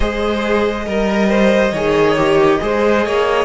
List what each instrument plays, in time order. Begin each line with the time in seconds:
0.00 cello G#3, viola G#4, violin C5 D#5
0.85 cello G3, viola A#4, violin A#4
1.29 violin C5
1.72 cello D#3, viola G#4, violin C#5
2.17 viola G4
2.60 cello G#3, viola G#4, violin C5
3.05 cello A#3, violin C#5